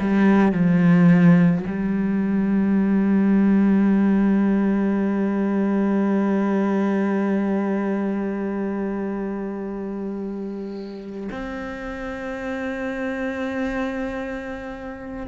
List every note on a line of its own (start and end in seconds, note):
0.00 0.51 G3
0.51 1.65 F3
1.67 11.29 G3
11.31 15.27 C4